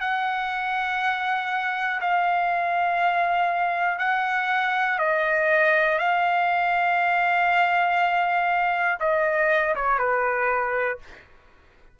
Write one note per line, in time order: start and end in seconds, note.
0.00 2.00 F#5
2.00 3.98 F5
3.98 4.98 F#5
4.99 5.98 D#5
5.98 8.98 F5
9.00 9.75 D#5
9.75 9.98 C#5
9.98 10.98 B4